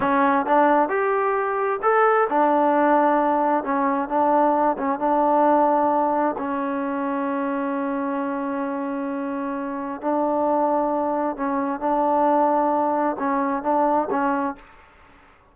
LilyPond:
\new Staff \with { instrumentName = "trombone" } { \time 4/4 \tempo 4 = 132 cis'4 d'4 g'2 | a'4 d'2. | cis'4 d'4. cis'8 d'4~ | d'2 cis'2~ |
cis'1~ | cis'2 d'2~ | d'4 cis'4 d'2~ | d'4 cis'4 d'4 cis'4 | }